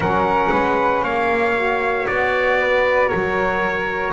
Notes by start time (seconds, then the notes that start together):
0.00 F#3 C#4 A#4 F#5
0.52 G#3 B4
1.03 A#3 C#5 F5
1.54 F#4
2.06 B3 D5
2.59 B4
3.08 F#3 A#4 C#5